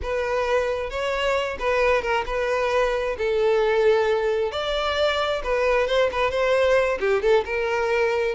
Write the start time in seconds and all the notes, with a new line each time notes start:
0.02 B4
0.90 C#5
1.59 B4
2.02 A#4
2.26 B4
3.18 A4
4.51 D5
5.43 B4
5.87 C5
6.11 B4
6.30 C5
6.99 G4
7.22 A4
7.45 A#4